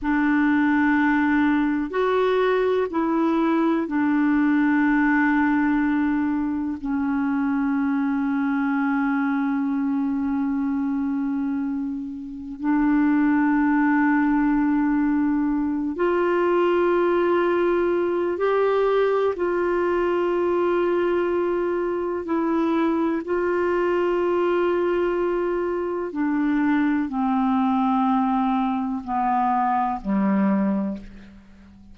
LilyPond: \new Staff \with { instrumentName = "clarinet" } { \time 4/4 \tempo 4 = 62 d'2 fis'4 e'4 | d'2. cis'4~ | cis'1~ | cis'4 d'2.~ |
d'8 f'2~ f'8 g'4 | f'2. e'4 | f'2. d'4 | c'2 b4 g4 | }